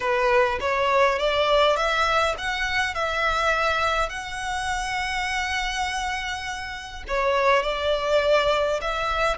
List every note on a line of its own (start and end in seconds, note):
0.00 0.59 B4
0.60 1.18 C#5
1.18 1.76 D5
1.76 2.35 E5
2.38 2.94 F#5
2.94 4.09 E5
4.09 7.03 F#5
7.07 7.63 C#5
7.63 8.80 D5
8.81 9.37 E5